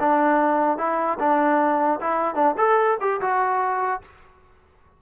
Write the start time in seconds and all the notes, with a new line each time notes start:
0.00 D4
0.78 E4
1.20 D4
2.01 E4
2.35 D4
2.58 A4
3.01 G4
3.21 F#4